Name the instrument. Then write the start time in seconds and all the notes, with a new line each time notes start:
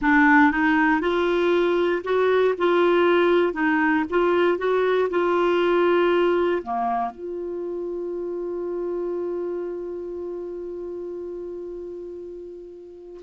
clarinet
0.01 D4
0.51 D#4
1.00 F4
2.03 F#4
2.57 F4
3.53 D#4
4.10 F4
4.58 F#4
5.09 F4
6.62 A#3
7.10 F4